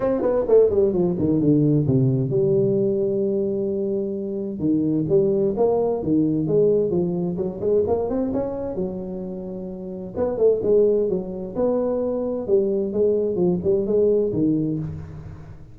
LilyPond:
\new Staff \with { instrumentName = "tuba" } { \time 4/4 \tempo 4 = 130 c'8 b8 a8 g8 f8 dis8 d4 | c4 g2.~ | g2 dis4 g4 | ais4 dis4 gis4 f4 |
fis8 gis8 ais8 c'8 cis'4 fis4~ | fis2 b8 a8 gis4 | fis4 b2 g4 | gis4 f8 g8 gis4 dis4 | }